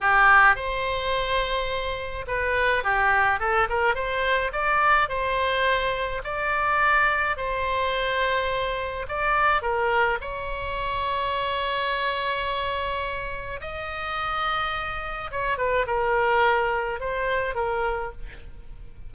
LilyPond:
\new Staff \with { instrumentName = "oboe" } { \time 4/4 \tempo 4 = 106 g'4 c''2. | b'4 g'4 a'8 ais'8 c''4 | d''4 c''2 d''4~ | d''4 c''2. |
d''4 ais'4 cis''2~ | cis''1 | dis''2. cis''8 b'8 | ais'2 c''4 ais'4 | }